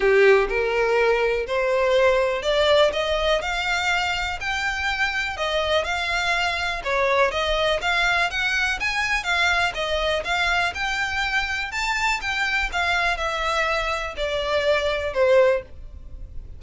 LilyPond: \new Staff \with { instrumentName = "violin" } { \time 4/4 \tempo 4 = 123 g'4 ais'2 c''4~ | c''4 d''4 dis''4 f''4~ | f''4 g''2 dis''4 | f''2 cis''4 dis''4 |
f''4 fis''4 gis''4 f''4 | dis''4 f''4 g''2 | a''4 g''4 f''4 e''4~ | e''4 d''2 c''4 | }